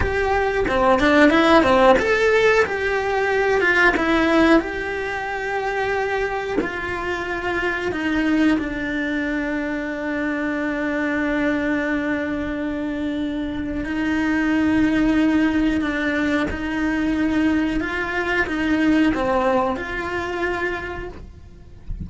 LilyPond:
\new Staff \with { instrumentName = "cello" } { \time 4/4 \tempo 4 = 91 g'4 c'8 d'8 e'8 c'8 a'4 | g'4. f'8 e'4 g'4~ | g'2 f'2 | dis'4 d'2.~ |
d'1~ | d'4 dis'2. | d'4 dis'2 f'4 | dis'4 c'4 f'2 | }